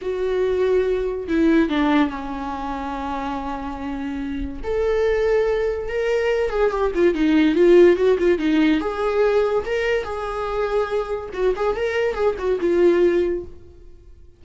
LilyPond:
\new Staff \with { instrumentName = "viola" } { \time 4/4 \tempo 4 = 143 fis'2. e'4 | d'4 cis'2.~ | cis'2. a'4~ | a'2 ais'4. gis'8 |
g'8 f'8 dis'4 f'4 fis'8 f'8 | dis'4 gis'2 ais'4 | gis'2. fis'8 gis'8 | ais'4 gis'8 fis'8 f'2 | }